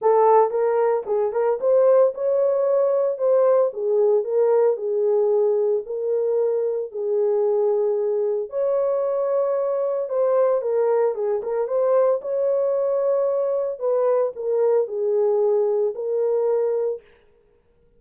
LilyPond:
\new Staff \with { instrumentName = "horn" } { \time 4/4 \tempo 4 = 113 a'4 ais'4 gis'8 ais'8 c''4 | cis''2 c''4 gis'4 | ais'4 gis'2 ais'4~ | ais'4 gis'2. |
cis''2. c''4 | ais'4 gis'8 ais'8 c''4 cis''4~ | cis''2 b'4 ais'4 | gis'2 ais'2 | }